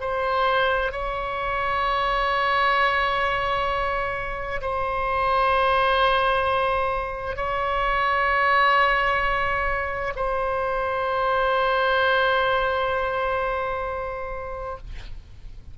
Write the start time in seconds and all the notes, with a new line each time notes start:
0.00 C5
0.91 C#5
4.61 C5
7.36 C#5
10.15 C5